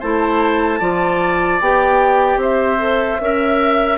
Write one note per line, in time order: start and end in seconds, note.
0.00 0.81 A3
0.00 0.80 E4
0.00 0.80 C5
0.00 1.61 A5
0.80 1.61 F3
0.80 1.60 F4
0.80 2.40 D5
1.61 2.37 B3
1.61 2.79 G4
1.61 2.41 G5
2.37 3.17 C4
2.37 3.21 C5
2.43 3.98 E5
2.79 3.19 A4
3.21 3.98 C#4
3.21 3.98 A#4
3.21 3.98 E5